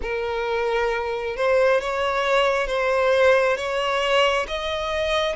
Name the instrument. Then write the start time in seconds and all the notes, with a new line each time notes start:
violin
0.02 A#4
1.36 C5
1.80 C#5
2.67 C5
3.56 C#5
4.47 D#5